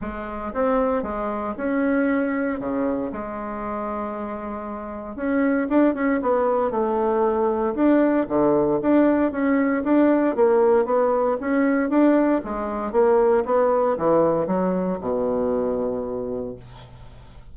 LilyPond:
\new Staff \with { instrumentName = "bassoon" } { \time 4/4 \tempo 4 = 116 gis4 c'4 gis4 cis'4~ | cis'4 cis4 gis2~ | gis2 cis'4 d'8 cis'8 | b4 a2 d'4 |
d4 d'4 cis'4 d'4 | ais4 b4 cis'4 d'4 | gis4 ais4 b4 e4 | fis4 b,2. | }